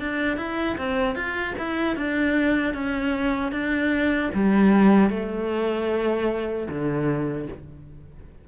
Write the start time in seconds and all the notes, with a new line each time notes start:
0.00 D4
0.37 E4
0.78 C4
1.16 F4
1.58 E4
1.97 D4
2.74 C#4
3.52 D4
4.34 G3
5.10 A3
6.69 D3